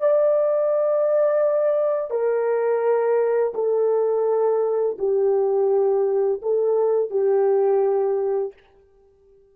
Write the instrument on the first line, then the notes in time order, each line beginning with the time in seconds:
horn
0.00 D5
2.10 A#4
3.54 A4
4.98 G4
6.42 A4
7.10 G4